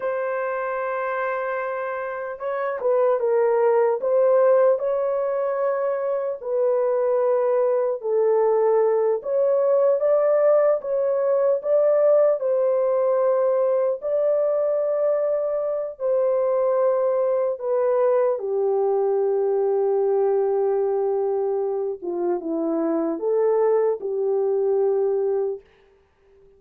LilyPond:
\new Staff \with { instrumentName = "horn" } { \time 4/4 \tempo 4 = 75 c''2. cis''8 b'8 | ais'4 c''4 cis''2 | b'2 a'4. cis''8~ | cis''8 d''4 cis''4 d''4 c''8~ |
c''4. d''2~ d''8 | c''2 b'4 g'4~ | g'2.~ g'8 f'8 | e'4 a'4 g'2 | }